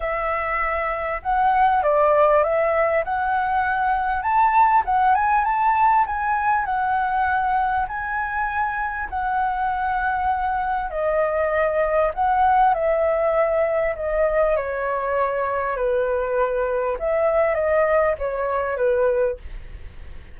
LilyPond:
\new Staff \with { instrumentName = "flute" } { \time 4/4 \tempo 4 = 99 e''2 fis''4 d''4 | e''4 fis''2 a''4 | fis''8 gis''8 a''4 gis''4 fis''4~ | fis''4 gis''2 fis''4~ |
fis''2 dis''2 | fis''4 e''2 dis''4 | cis''2 b'2 | e''4 dis''4 cis''4 b'4 | }